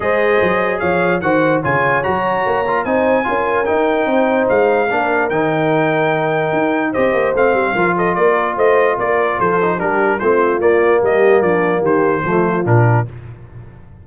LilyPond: <<
  \new Staff \with { instrumentName = "trumpet" } { \time 4/4 \tempo 4 = 147 dis''2 f''4 fis''4 | gis''4 ais''2 gis''4~ | gis''4 g''2 f''4~ | f''4 g''2.~ |
g''4 dis''4 f''4. dis''8 | d''4 dis''4 d''4 c''4 | ais'4 c''4 d''4 dis''4 | d''4 c''2 ais'4 | }
  \new Staff \with { instrumentName = "horn" } { \time 4/4 c''2 cis''4 c''4 | cis''2. c''4 | ais'2 c''2 | ais'1~ |
ais'4 c''2 ais'8 a'8 | ais'4 c''4 ais'4 a'4 | g'4 f'2 g'4 | d'4 g'4 f'2 | }
  \new Staff \with { instrumentName = "trombone" } { \time 4/4 gis'2. fis'4 | f'4 fis'4. f'8 dis'4 | f'4 dis'2. | d'4 dis'2.~ |
dis'4 g'4 c'4 f'4~ | f'2.~ f'8 dis'8 | d'4 c'4 ais2~ | ais2 a4 d'4 | }
  \new Staff \with { instrumentName = "tuba" } { \time 4/4 gis4 fis4 f4 dis4 | cis4 fis4 ais4 c'4 | cis'4 dis'4 c'4 gis4 | ais4 dis2. |
dis'4 c'8 ais8 a8 g8 f4 | ais4 a4 ais4 f4 | g4 a4 ais4 g4 | f4 dis4 f4 ais,4 | }
>>